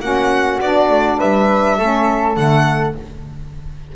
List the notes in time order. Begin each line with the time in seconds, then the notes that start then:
0.00 A#3 C#4 F#4 F#5
0.60 B3 D4 D5
0.89 A3
1.18 G3 B4 E5
1.77 A3 C#4 A4
2.35 D3 A3 F#5